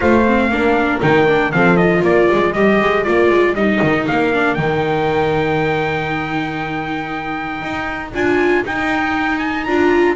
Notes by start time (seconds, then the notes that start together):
0.00 A3 F4 C5 F5
0.26 C4
0.49 A#3 D4 A#4
1.00 D#3 D#4 G5
1.27 D4
1.52 F3 C4 A4 F5
1.77 F4 D#5
2.02 A#3 A#4 D5
2.32 G#3
2.52 G3 G4 D#5
2.81 G#3
3.03 A#3 F4 D5
3.29 G#3
3.54 G3 D#4 D#5
3.82 D#3
4.07 A#3 F5
4.33 D4
4.54 D#3 D#4 G5
7.62 D#4
8.13 D4 F4 G#5
8.64 D#4 G5
9.38 G#5
9.63 D4 F4 A#5